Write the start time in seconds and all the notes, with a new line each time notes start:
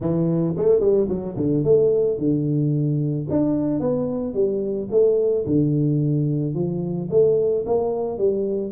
0.00 E3
0.57 A3
0.80 G3
1.08 F#3
1.36 D3
1.64 A3
2.18 D3
3.30 D4
3.80 B3
4.33 G3
4.90 A3
5.46 D3
6.54 F3
7.10 A3
7.66 A#3
8.18 G3